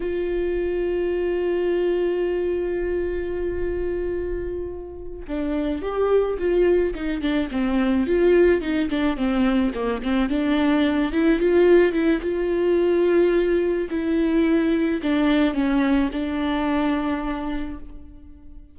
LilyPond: \new Staff \with { instrumentName = "viola" } { \time 4/4 \tempo 4 = 108 f'1~ | f'1~ | f'4. d'4 g'4 f'8~ | f'8 dis'8 d'8 c'4 f'4 dis'8 |
d'8 c'4 ais8 c'8 d'4. | e'8 f'4 e'8 f'2~ | f'4 e'2 d'4 | cis'4 d'2. | }